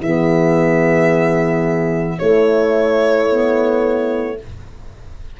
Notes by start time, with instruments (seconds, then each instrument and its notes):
0.00 tuba E3, saxophone B3, horn G#4, violin E5
2.18 saxophone A3, tuba A3, horn E4, violin C#5
3.28 saxophone B3